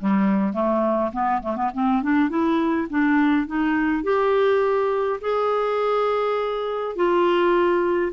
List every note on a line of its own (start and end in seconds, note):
0.00 0.53 G3
0.53 1.12 A3
1.13 1.42 B3
1.42 1.56 A3
1.56 1.71 B3
1.74 2.03 C4
2.03 2.30 D4
2.30 2.88 E4
2.90 3.47 D4
3.47 4.04 D#4
4.04 5.20 G4
5.21 6.96 G#4
6.96 8.12 F4